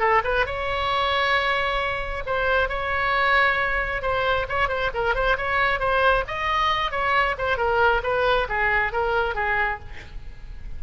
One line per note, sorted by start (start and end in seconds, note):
0.00 0.22 A4
0.24 0.46 B4
0.46 2.24 C#5
2.26 2.69 C5
2.69 4.02 C#5
4.02 4.47 C5
4.49 4.69 C#5
4.69 4.91 C5
4.95 5.15 A#4
5.15 5.37 C5
5.38 5.80 C#5
5.80 6.24 C5
6.28 6.92 D#5
6.92 7.36 C#5
7.38 7.57 C5
7.57 8.02 A#4
8.04 8.48 B4
8.49 8.93 G#4
8.93 9.35 A#4
9.35 9.79 G#4